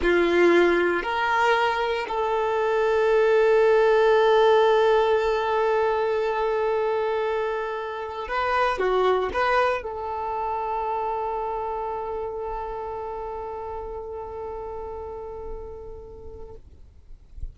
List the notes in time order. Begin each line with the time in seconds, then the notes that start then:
0.02 F4
1.03 A#4
2.08 A4
8.28 B4
8.78 F#4
9.33 B4
9.83 A4